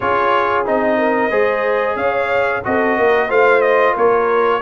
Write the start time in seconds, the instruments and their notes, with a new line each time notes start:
0.00 tuba C#4, trombone F4, horn G#4, trumpet C#5
0.65 tuba C4, trombone D#4, trumpet D#5
0.98 horn A#4
1.29 tuba G#3, trombone G#4, horn C5
1.96 tuba C#4, horn C#5, trumpet F5
2.63 tuba C4, trombone F#4, horn A4, trumpet D#5
2.98 tuba A#3, horn A#4
3.28 tuba A3, trombone F4, horn C5, trumpet F5
3.61 trumpet D#5
3.93 tuba A#3, horn A#4, trumpet C#5